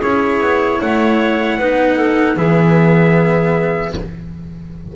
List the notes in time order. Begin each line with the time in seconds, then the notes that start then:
0.00 C#4 E4 G#4 C#5
0.40 B3
0.80 A3 C#5 F#5
1.58 B3 D#4 B4
1.97 A4
2.36 E3 B3 G#4 E5